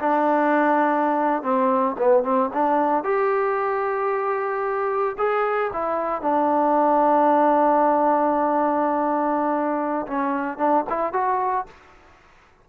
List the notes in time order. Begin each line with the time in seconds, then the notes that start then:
0.00 D4
1.43 C4
1.98 B3
2.24 C4
2.54 D4
3.04 G4
5.18 G#4
5.73 E4
6.22 D4
10.07 C#4
10.58 D4
10.89 E4
11.13 F#4